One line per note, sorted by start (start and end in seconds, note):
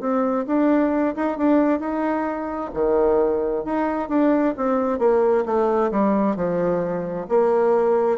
0.00 0.45 C4
0.47 1.15 D4
1.16 1.38 D#4
1.38 1.79 D4
1.79 2.70 D#4
2.74 3.64 D#3
3.65 4.09 D#4
4.09 4.54 D4
4.57 4.99 C4
4.99 5.44 A#3
5.45 5.91 A3
5.91 6.36 G3
6.36 7.27 F3
7.29 8.18 A#3